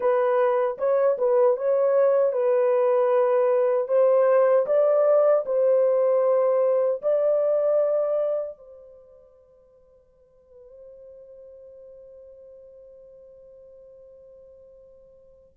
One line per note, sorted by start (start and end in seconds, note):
0.00 0.77 B4
0.78 1.17 C#5
1.18 1.56 B4
1.56 2.32 C#5
2.32 3.87 B4
3.87 4.65 C5
4.66 5.44 D5
5.45 7.01 C5
7.02 8.57 D5
8.57 15.57 C5